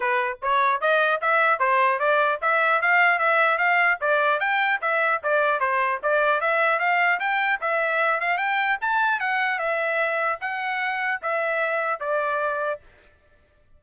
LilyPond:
\new Staff \with { instrumentName = "trumpet" } { \time 4/4 \tempo 4 = 150 b'4 cis''4 dis''4 e''4 | c''4 d''4 e''4 f''4 | e''4 f''4 d''4 g''4 | e''4 d''4 c''4 d''4 |
e''4 f''4 g''4 e''4~ | e''8 f''8 g''4 a''4 fis''4 | e''2 fis''2 | e''2 d''2 | }